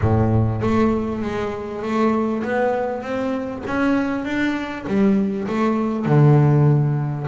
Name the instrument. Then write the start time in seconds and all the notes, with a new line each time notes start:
double bass
0.01 A2
0.61 A3
1.21 G#3
1.82 A3
2.43 B3
3.02 C4
3.67 C#4
4.24 D4
4.87 G3
5.48 A3
6.05 D3